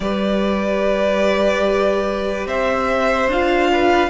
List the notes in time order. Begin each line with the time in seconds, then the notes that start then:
0.00 G3 G4 B4 D5
2.46 C4 C5 E5
3.27 D4 F4 F5
3.71 B4